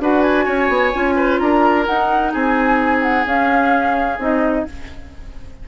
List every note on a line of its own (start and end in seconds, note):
0.00 0.47 D4
0.00 0.93 F#4
0.00 0.45 B4
0.00 0.21 F#5
0.21 1.38 G#5
0.45 0.69 C#4
0.45 1.15 C#5
0.69 0.92 B3
0.93 1.40 C#4
0.93 1.85 F4
1.16 1.39 B4
1.38 1.87 D4
1.38 2.33 A#4
1.38 1.85 A#5
1.85 3.25 D#4
1.85 2.34 D#4
1.85 2.32 F#5
2.33 3.26 C4
2.33 4.65 G#4
2.33 3.02 G#5
3.02 3.25 F#5
3.26 4.18 C#4
3.26 4.19 C#4
3.26 4.20 F5
4.18 4.65 C4
4.18 4.66 D#4
4.18 4.68 D#5